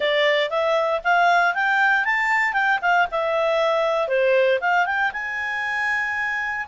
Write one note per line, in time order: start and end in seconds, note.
0.00 0.49 D5
0.49 1.01 E5
1.03 1.54 F5
1.54 2.04 G5
2.04 2.53 A5
2.53 2.79 G5
2.81 3.07 F5
3.11 4.07 E5
4.07 4.59 C5
4.60 4.86 F5
4.86 5.11 G5
5.12 6.66 G#5